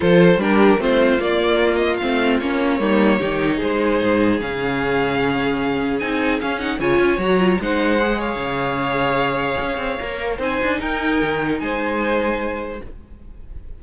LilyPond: <<
  \new Staff \with { instrumentName = "violin" } { \time 4/4 \tempo 4 = 150 c''4 ais'4 c''4 d''4~ | d''8 dis''8 f''4 cis''2~ | cis''4 c''2 f''4~ | f''2. gis''4 |
f''8 fis''8 gis''4 ais''4 fis''4~ | fis''8 f''2.~ f''8~ | f''2 gis''4 g''4~ | g''4 gis''2. | }
  \new Staff \with { instrumentName = "violin" } { \time 4/4 a'4 g'4 f'2~ | f'2. dis'4 | g'4 gis'2.~ | gis'1~ |
gis'4 cis''2 c''4~ | c''8 cis''2.~ cis''8~ | cis''2 c''4 ais'4~ | ais'4 c''2. | }
  \new Staff \with { instrumentName = "viola" } { \time 4/4 f'4 d'4 c'4 ais4~ | ais4 c'4 cis'4 ais4 | dis'2. cis'4~ | cis'2. dis'4 |
cis'8 dis'8 f'4 fis'8 f'8 dis'4 | gis'1~ | gis'4 ais'4 dis'2~ | dis'1 | }
  \new Staff \with { instrumentName = "cello" } { \time 4/4 f4 g4 a4 ais4~ | ais4 a4 ais4 g4 | dis4 gis4 gis,4 cis4~ | cis2. c'4 |
cis'4 cis8 cis'8 fis4 gis4~ | gis4 cis2. | cis'8 c'8 ais4 c'8 d'8 dis'4 | dis4 gis2. | }
>>